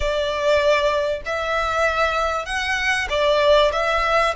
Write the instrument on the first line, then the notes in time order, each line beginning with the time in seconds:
violin
0.00 D5
1.25 E5
2.45 F#5
3.09 D5
3.72 E5